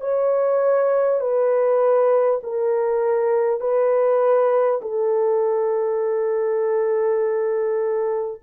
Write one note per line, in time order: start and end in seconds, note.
0.00 1.20 C#5
1.20 2.40 B4
2.43 3.60 A#4
3.60 4.80 B4
4.81 8.41 A4